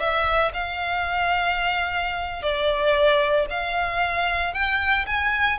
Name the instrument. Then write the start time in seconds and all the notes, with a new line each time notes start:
violin
0.00 E5
0.54 F5
2.43 D5
3.51 F5
4.54 G5
5.07 G#5